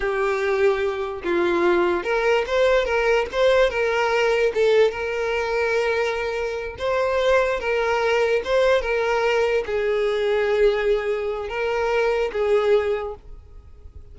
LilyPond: \new Staff \with { instrumentName = "violin" } { \time 4/4 \tempo 4 = 146 g'2. f'4~ | f'4 ais'4 c''4 ais'4 | c''4 ais'2 a'4 | ais'1~ |
ais'8 c''2 ais'4.~ | ais'8 c''4 ais'2 gis'8~ | gis'1 | ais'2 gis'2 | }